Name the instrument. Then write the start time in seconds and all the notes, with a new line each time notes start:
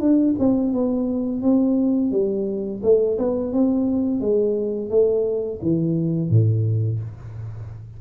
tuba
0.00 D4
0.39 C4
0.73 B3
1.41 C4
2.11 G3
2.83 A3
3.18 B3
3.52 C4
4.20 G#3
4.90 A3
5.61 E3
6.29 A2